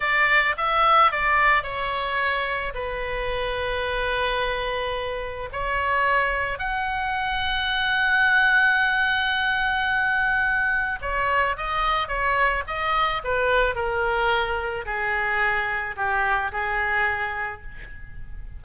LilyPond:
\new Staff \with { instrumentName = "oboe" } { \time 4/4 \tempo 4 = 109 d''4 e''4 d''4 cis''4~ | cis''4 b'2.~ | b'2 cis''2 | fis''1~ |
fis''1 | cis''4 dis''4 cis''4 dis''4 | b'4 ais'2 gis'4~ | gis'4 g'4 gis'2 | }